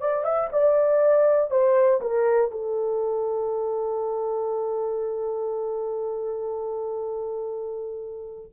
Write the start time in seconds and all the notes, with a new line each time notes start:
0.00 D5
0.25 E5
0.52 D5
1.51 C5
2.01 A#4
2.51 A4